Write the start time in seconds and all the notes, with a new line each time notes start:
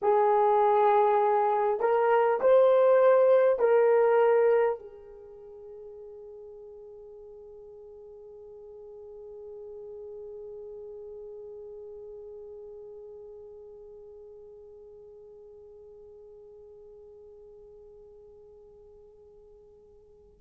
0.02 G#4
1.79 A#4
2.41 C5
3.59 A#4
4.79 G#4